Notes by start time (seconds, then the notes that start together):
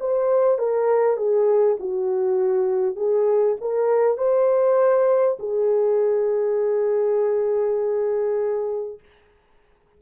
0.00 C5
0.58 A#4
1.17 G#4
1.79 F#4
2.96 G#4
3.61 A#4
4.17 C5
5.39 G#4